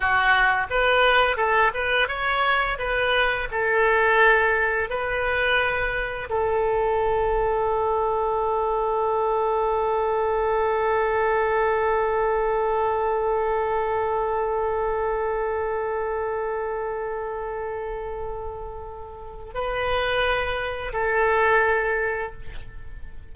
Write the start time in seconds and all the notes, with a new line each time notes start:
0.00 F#4
0.69 B4
1.36 A4
1.73 B4
2.08 C#5
2.78 B4
3.51 A4
4.89 B4
6.29 A4
19.53 B4
20.92 A4